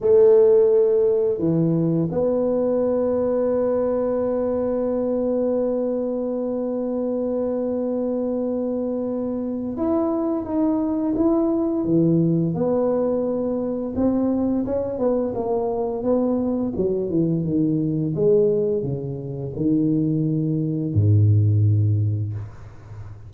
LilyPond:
\new Staff \with { instrumentName = "tuba" } { \time 4/4 \tempo 4 = 86 a2 e4 b4~ | b1~ | b1~ | b2 e'4 dis'4 |
e'4 e4 b2 | c'4 cis'8 b8 ais4 b4 | fis8 e8 dis4 gis4 cis4 | dis2 gis,2 | }